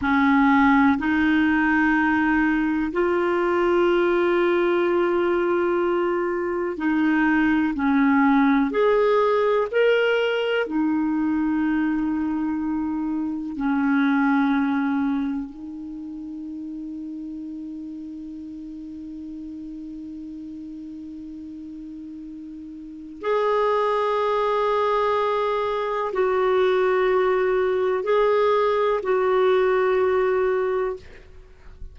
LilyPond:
\new Staff \with { instrumentName = "clarinet" } { \time 4/4 \tempo 4 = 62 cis'4 dis'2 f'4~ | f'2. dis'4 | cis'4 gis'4 ais'4 dis'4~ | dis'2 cis'2 |
dis'1~ | dis'1 | gis'2. fis'4~ | fis'4 gis'4 fis'2 | }